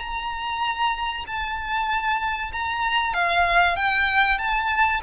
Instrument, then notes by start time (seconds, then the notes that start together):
violin
0.00 A#5
1.27 A5
2.53 A#5
3.14 F5
3.76 G5
4.39 A5